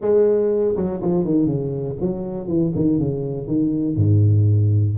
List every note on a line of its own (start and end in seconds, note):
0.01 0.75 G#3
0.76 1.01 F#3
1.01 1.24 F3
1.24 1.46 D#3
1.46 1.95 C#3
2.00 2.47 F#3
2.47 2.72 E3
2.75 2.98 D#3
2.98 3.47 C#3
3.47 3.95 D#3
3.95 4.95 G#2